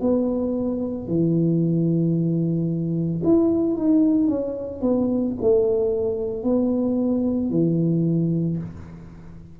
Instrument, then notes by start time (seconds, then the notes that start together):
tuba
0.00 B3
1.07 E3
3.23 E4
3.76 D#4
4.28 C#4
4.81 B3
5.41 A3
6.43 B3
7.50 E3